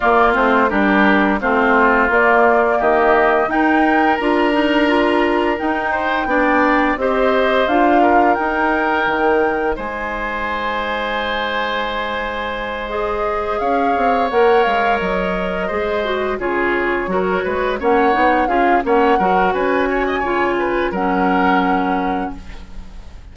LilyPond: <<
  \new Staff \with { instrumentName = "flute" } { \time 4/4 \tempo 4 = 86 d''8 c''8 ais'4 c''4 d''4 | dis''4 g''4 ais''2 | g''2 dis''4 f''4 | g''2 gis''2~ |
gis''2~ gis''8 dis''4 f''8~ | f''8 fis''8 f''8 dis''2 cis''8~ | cis''4. fis''4 f''8 fis''4 | gis''2 fis''2 | }
  \new Staff \with { instrumentName = "oboe" } { \time 4/4 f'4 g'4 f'2 | g'4 ais'2.~ | ais'8 c''8 d''4 c''4. ais'8~ | ais'2 c''2~ |
c''2.~ c''8 cis''8~ | cis''2~ cis''8 c''4 gis'8~ | gis'8 ais'8 b'8 cis''4 gis'8 cis''8 ais'8 | b'8 cis''16 dis''16 cis''8 b'8 ais'2 | }
  \new Staff \with { instrumentName = "clarinet" } { \time 4/4 ais8 c'8 d'4 c'4 ais4~ | ais4 dis'4 f'8 dis'8 f'4 | dis'4 d'4 g'4 f'4 | dis'1~ |
dis'2~ dis'8 gis'4.~ | gis'8 ais'2 gis'8 fis'8 f'8~ | f'8 fis'4 cis'8 dis'8 f'8 cis'8 fis'8~ | fis'4 f'4 cis'2 | }
  \new Staff \with { instrumentName = "bassoon" } { \time 4/4 ais8 a8 g4 a4 ais4 | dis4 dis'4 d'2 | dis'4 b4 c'4 d'4 | dis'4 dis4 gis2~ |
gis2.~ gis8 cis'8 | c'8 ais8 gis8 fis4 gis4 cis8~ | cis8 fis8 gis8 ais8 b8 cis'8 ais8 fis8 | cis'4 cis4 fis2 | }
>>